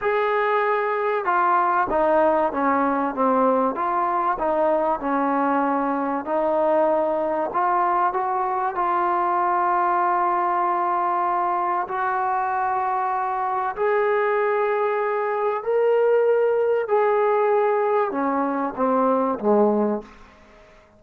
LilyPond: \new Staff \with { instrumentName = "trombone" } { \time 4/4 \tempo 4 = 96 gis'2 f'4 dis'4 | cis'4 c'4 f'4 dis'4 | cis'2 dis'2 | f'4 fis'4 f'2~ |
f'2. fis'4~ | fis'2 gis'2~ | gis'4 ais'2 gis'4~ | gis'4 cis'4 c'4 gis4 | }